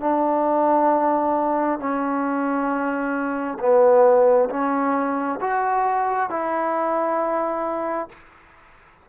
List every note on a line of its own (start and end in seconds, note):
0.00 1.79 D4
1.79 3.58 C#4
3.59 4.49 B3
4.49 5.39 C#4
5.41 6.30 F#4
6.30 8.09 E4